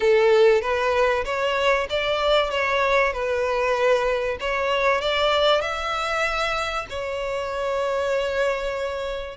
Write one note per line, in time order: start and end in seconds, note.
0.00 0.61 A4
0.61 1.24 B4
1.24 1.87 C#5
1.89 2.50 D5
2.50 3.12 C#5
3.12 4.38 B4
4.39 5.01 C#5
5.01 5.61 D5
5.61 6.86 E5
6.89 9.37 C#5